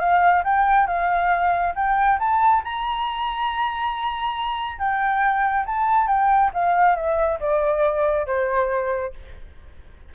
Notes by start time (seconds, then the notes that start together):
0.00 F5
0.44 G5
0.87 F5
1.75 G5
2.20 A5
2.64 A#5
4.79 G5
5.66 A5
6.08 G5
6.54 F5
6.96 E5
7.40 D5
8.27 C5